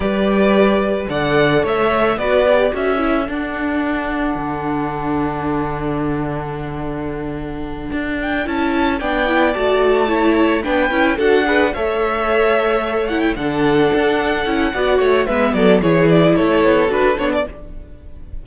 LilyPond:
<<
  \new Staff \with { instrumentName = "violin" } { \time 4/4 \tempo 4 = 110 d''2 fis''4 e''4 | d''4 e''4 fis''2~ | fis''1~ | fis''2. g''8 a''8~ |
a''8 g''4 a''2 g''8~ | g''8 fis''4 e''2~ e''8 | fis''16 g''16 fis''2.~ fis''8 | e''8 d''8 cis''8 d''8 cis''4 b'8 cis''16 d''16 | }
  \new Staff \with { instrumentName = "violin" } { \time 4/4 b'2 d''4 cis''4 | b'4 a'2.~ | a'1~ | a'1~ |
a'8 d''2 cis''4 b'8~ | b'8 a'8 b'8 cis''2~ cis''8~ | cis''8 a'2~ a'8 d''8 cis''8 | b'8 a'8 gis'4 a'2 | }
  \new Staff \with { instrumentName = "viola" } { \time 4/4 g'2 a'2 | fis'8 g'8 fis'8 e'8 d'2~ | d'1~ | d'2.~ d'8 e'8~ |
e'8 d'8 e'8 fis'4 e'4 d'8 | e'8 fis'8 gis'8 a'2~ a'8 | e'8 d'2 e'8 fis'4 | b4 e'2 fis'8 d'8 | }
  \new Staff \with { instrumentName = "cello" } { \time 4/4 g2 d4 a4 | b4 cis'4 d'2 | d1~ | d2~ d8 d'4 cis'8~ |
cis'8 b4 a2 b8 | cis'8 d'4 a2~ a8~ | a8 d4 d'4 cis'8 b8 a8 | gis8 fis8 e4 a8 b8 d'8 b8 | }
>>